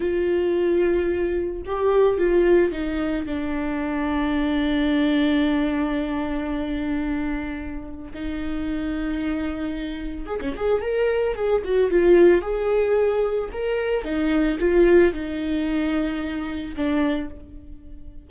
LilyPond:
\new Staff \with { instrumentName = "viola" } { \time 4/4 \tempo 4 = 111 f'2. g'4 | f'4 dis'4 d'2~ | d'1~ | d'2. dis'4~ |
dis'2. gis'16 cis'16 gis'8 | ais'4 gis'8 fis'8 f'4 gis'4~ | gis'4 ais'4 dis'4 f'4 | dis'2. d'4 | }